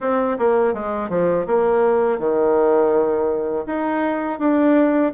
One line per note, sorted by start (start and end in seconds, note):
0.00 0.37 C4
0.38 0.73 A#3
0.73 1.09 G#3
1.09 1.46 F3
1.46 2.18 A#3
2.18 3.65 D#3
3.66 4.39 D#4
4.39 5.12 D4